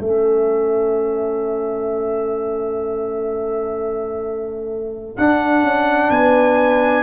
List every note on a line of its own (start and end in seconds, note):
0.00 5.16 A3
0.00 5.17 C#4
0.00 6.11 A4
0.00 5.17 E5
5.17 7.03 D4
5.17 5.62 D4
5.17 6.10 F#5
5.62 6.09 C#4
6.10 7.03 B3
6.10 7.03 B4
6.10 7.03 G#5